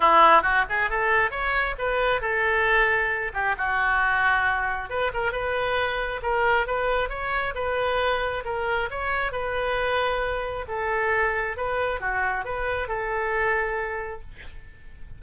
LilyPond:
\new Staff \with { instrumentName = "oboe" } { \time 4/4 \tempo 4 = 135 e'4 fis'8 gis'8 a'4 cis''4 | b'4 a'2~ a'8 g'8 | fis'2. b'8 ais'8 | b'2 ais'4 b'4 |
cis''4 b'2 ais'4 | cis''4 b'2. | a'2 b'4 fis'4 | b'4 a'2. | }